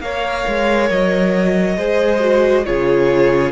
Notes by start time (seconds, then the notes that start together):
0.00 A#3 A#4 C#5 F5
0.47 G#3
0.90 F#3 D#5
1.77 G#3 G#4 C5
2.20 F#4
2.65 C#3 F4 G#4 C#5